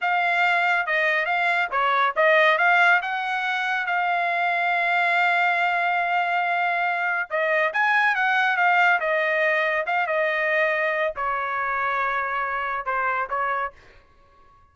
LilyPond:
\new Staff \with { instrumentName = "trumpet" } { \time 4/4 \tempo 4 = 140 f''2 dis''4 f''4 | cis''4 dis''4 f''4 fis''4~ | fis''4 f''2.~ | f''1~ |
f''4 dis''4 gis''4 fis''4 | f''4 dis''2 f''8 dis''8~ | dis''2 cis''2~ | cis''2 c''4 cis''4 | }